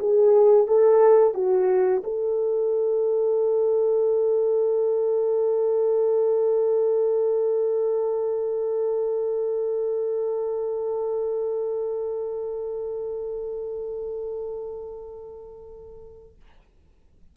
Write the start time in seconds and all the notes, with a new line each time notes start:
0.00 G#4
0.68 A4
1.35 F#4
2.05 A4